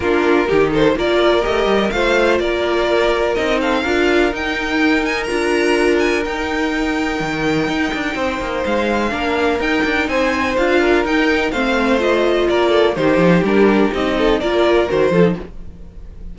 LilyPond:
<<
  \new Staff \with { instrumentName = "violin" } { \time 4/4 \tempo 4 = 125 ais'4. c''8 d''4 dis''4 | f''4 d''2 dis''8 f''8~ | f''4 g''4. gis''8 ais''4~ | ais''8 gis''8 g''2.~ |
g''2 f''2 | g''4 gis''4 f''4 g''4 | f''4 dis''4 d''4 c''4 | ais'4 dis''4 d''4 c''4 | }
  \new Staff \with { instrumentName = "violin" } { \time 4/4 f'4 g'8 a'8 ais'2 | c''4 ais'2~ ais'8 a'8 | ais'1~ | ais'1~ |
ais'4 c''2 ais'4~ | ais'4 c''4. ais'4. | c''2 ais'8 a'8 g'4~ | g'4. a'8 ais'4. a'8 | }
  \new Staff \with { instrumentName = "viola" } { \time 4/4 d'4 dis'4 f'4 g'4 | f'2. dis'4 | f'4 dis'2 f'4~ | f'4 dis'2.~ |
dis'2. d'4 | dis'2 f'4 dis'4 | c'4 f'2 dis'4 | d'4 dis'4 f'4 fis'8 f'16 dis'16 | }
  \new Staff \with { instrumentName = "cello" } { \time 4/4 ais4 dis4 ais4 a8 g8 | a4 ais2 c'4 | d'4 dis'2 d'4~ | d'4 dis'2 dis4 |
dis'8 d'8 c'8 ais8 gis4 ais4 | dis'8 d'8 c'4 d'4 dis'4 | a2 ais4 dis8 f8 | g4 c'4 ais4 dis8 f8 | }
>>